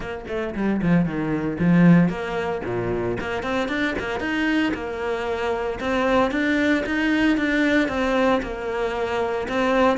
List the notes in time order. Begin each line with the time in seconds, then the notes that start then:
0.00 A#3
0.28 A3
0.54 G3
0.82 F3
1.05 D#3
1.59 F3
2.09 A#3
2.65 A#2
3.20 A#3
3.43 C4
3.68 D4
3.98 A#3
4.20 D#4
4.73 A#3
5.80 C4
6.31 D4
6.85 D#4
7.37 D4
7.88 C4
8.42 A#3
9.48 C4